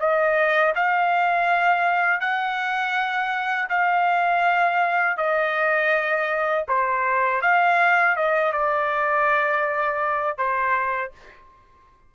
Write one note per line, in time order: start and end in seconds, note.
0.00 0.74 D#5
0.75 2.21 F5
2.21 3.69 F#5
3.70 5.18 F5
5.18 6.66 D#5
6.69 7.42 C5
7.42 8.16 F5
8.16 8.53 D#5
8.53 10.38 D5
10.38 11.12 C5